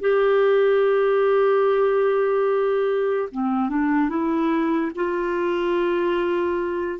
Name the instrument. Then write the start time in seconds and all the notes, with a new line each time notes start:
clarinet
0.00 G4
3.31 C4
3.69 D4
4.09 E4
4.95 F4